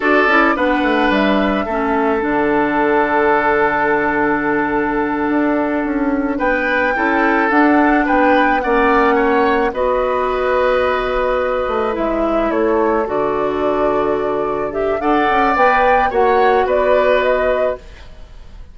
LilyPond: <<
  \new Staff \with { instrumentName = "flute" } { \time 4/4 \tempo 4 = 108 d''4 fis''4 e''2 | fis''1~ | fis''2.~ fis''8 g''8~ | g''4. fis''4 g''4 fis''8~ |
fis''4. dis''2~ dis''8~ | dis''4. e''4 cis''4 d''8~ | d''2~ d''8 e''8 fis''4 | g''4 fis''4 d''4 dis''4 | }
  \new Staff \with { instrumentName = "oboe" } { \time 4/4 a'4 b'2 a'4~ | a'1~ | a'2.~ a'8 b'8~ | b'8 a'2 b'4 d''8~ |
d''8 cis''4 b'2~ b'8~ | b'2~ b'8 a'4.~ | a'2. d''4~ | d''4 cis''4 b'2 | }
  \new Staff \with { instrumentName = "clarinet" } { \time 4/4 fis'8 e'8 d'2 cis'4 | d'1~ | d'1~ | d'8 e'4 d'2 cis'8~ |
cis'4. fis'2~ fis'8~ | fis'4. e'2 fis'8~ | fis'2~ fis'8 g'8 a'4 | b'4 fis'2. | }
  \new Staff \with { instrumentName = "bassoon" } { \time 4/4 d'8 cis'8 b8 a8 g4 a4 | d1~ | d4. d'4 cis'4 b8~ | b8 cis'4 d'4 b4 ais8~ |
ais4. b2~ b8~ | b4 a8 gis4 a4 d8~ | d2. d'8 cis'8 | b4 ais4 b2 | }
>>